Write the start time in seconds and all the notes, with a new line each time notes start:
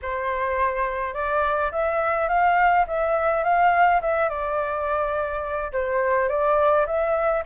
0.02 C5
1.14 D5
1.71 E5
2.28 F5
2.87 E5
3.43 F5
4.01 E5
4.29 D5
5.72 C5
6.29 D5
6.86 E5